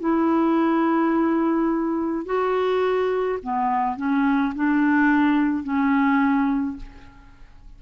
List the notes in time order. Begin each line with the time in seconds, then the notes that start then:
0.00 E4
2.26 F#4
3.43 B3
3.97 C#4
4.55 D4
5.63 C#4